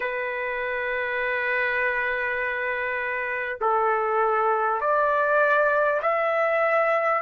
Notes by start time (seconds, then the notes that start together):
0.00 B4
3.60 A4
4.80 D5
6.02 E5